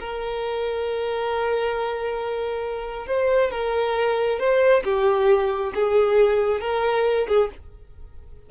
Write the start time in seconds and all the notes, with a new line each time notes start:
0.00 A#4
3.07 C5
3.51 A#4
4.40 C5
4.84 G4
5.75 G#4
6.61 A#4
7.28 G#4